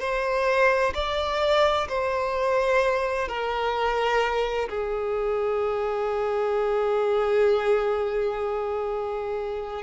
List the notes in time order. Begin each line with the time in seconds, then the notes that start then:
0.00 C5
0.94 D5
1.89 C5
3.28 A#4
4.69 G#4